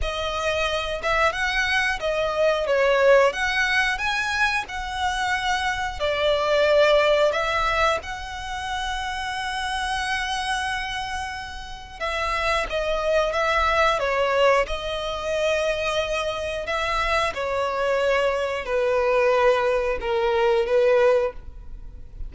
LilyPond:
\new Staff \with { instrumentName = "violin" } { \time 4/4 \tempo 4 = 90 dis''4. e''8 fis''4 dis''4 | cis''4 fis''4 gis''4 fis''4~ | fis''4 d''2 e''4 | fis''1~ |
fis''2 e''4 dis''4 | e''4 cis''4 dis''2~ | dis''4 e''4 cis''2 | b'2 ais'4 b'4 | }